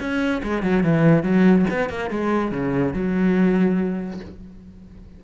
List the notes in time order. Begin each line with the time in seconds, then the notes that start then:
0.00 C#4
0.43 G#3
0.63 F#3
0.84 E3
1.23 F#3
1.70 B3
1.90 A#3
2.10 G#3
2.52 C#3
2.93 F#3